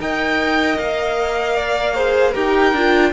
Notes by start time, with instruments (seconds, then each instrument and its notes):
0.00 cello D#4, viola A#4, violin D#5 G5
0.78 cello A#3, violin F5
1.56 violin D5
1.95 viola G#4, violin C5
2.32 cello D#4, viola G4, violin A#4 G5
2.73 cello D4, viola F4